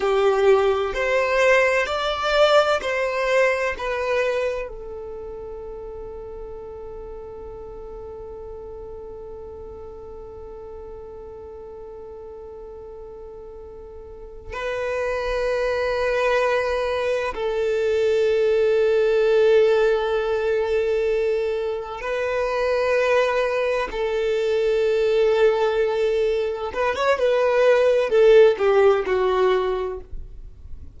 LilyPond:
\new Staff \with { instrumentName = "violin" } { \time 4/4 \tempo 4 = 64 g'4 c''4 d''4 c''4 | b'4 a'2.~ | a'1~ | a'2.~ a'8 b'8~ |
b'2~ b'8 a'4.~ | a'2.~ a'8 b'8~ | b'4. a'2~ a'8~ | a'8 b'16 cis''16 b'4 a'8 g'8 fis'4 | }